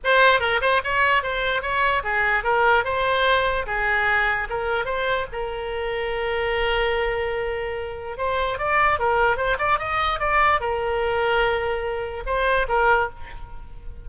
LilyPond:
\new Staff \with { instrumentName = "oboe" } { \time 4/4 \tempo 4 = 147 c''4 ais'8 c''8 cis''4 c''4 | cis''4 gis'4 ais'4 c''4~ | c''4 gis'2 ais'4 | c''4 ais'2.~ |
ais'1 | c''4 d''4 ais'4 c''8 d''8 | dis''4 d''4 ais'2~ | ais'2 c''4 ais'4 | }